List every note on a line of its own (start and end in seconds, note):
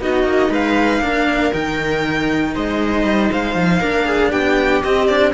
0.00 0.23 B3
0.00 1.01 D#4
0.00 0.49 F#4
0.00 0.53 D#5
0.23 0.49 A#3
0.49 1.00 G#3
0.49 1.00 B4
0.49 1.53 F5
1.00 1.52 A#3
1.00 1.52 D4
1.00 2.53 A#4
1.53 2.55 D#3
1.53 3.82 D#4
1.53 2.54 G5
2.54 3.04 G#3
2.54 3.80 C5
2.54 3.31 D#5
3.04 3.29 G3
3.31 3.55 G#3
3.31 4.31 F5
3.55 3.81 F3
3.80 4.32 A#3
3.80 4.83 D4
3.80 4.05 A#4
4.05 4.31 G#4
4.31 4.83 B3
4.31 5.33 G4
4.31 4.82 G5
4.83 5.34 C4
4.83 5.09 C4
4.83 5.07 D#5
5.07 5.34 D4
5.07 5.32 D5